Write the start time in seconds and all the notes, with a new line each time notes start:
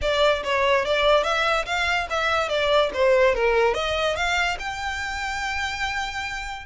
0.01 D5
0.43 C#5
0.85 D5
1.23 E5
1.65 F5
2.09 E5
2.48 D5
2.93 C5
3.34 A#4
3.74 D#5
4.16 F5
4.59 G5